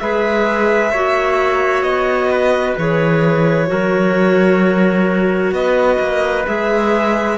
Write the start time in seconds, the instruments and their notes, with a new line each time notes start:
0.00 cello G#3, clarinet G#4, trumpet B4, violin E5
0.92 cello A#3, clarinet F#4, trumpet C#5
1.83 cello B3, violin D#5
2.31 trumpet B4
2.78 cello E3, clarinet G#4, violin C#5
3.67 cello F#3, clarinet F#4, trumpet A#4
5.52 cello B3, trumpet B4, violin D#5
5.99 cello A#3
6.46 cello G#3, clarinet G#4, violin E5